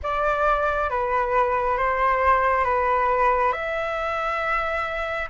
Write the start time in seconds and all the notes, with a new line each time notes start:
0.02 D5
0.90 B4
1.77 C5
2.64 B4
3.52 E5